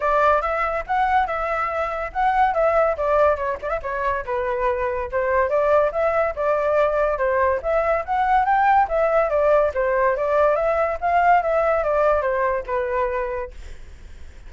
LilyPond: \new Staff \with { instrumentName = "flute" } { \time 4/4 \tempo 4 = 142 d''4 e''4 fis''4 e''4~ | e''4 fis''4 e''4 d''4 | cis''8 d''16 e''16 cis''4 b'2 | c''4 d''4 e''4 d''4~ |
d''4 c''4 e''4 fis''4 | g''4 e''4 d''4 c''4 | d''4 e''4 f''4 e''4 | d''4 c''4 b'2 | }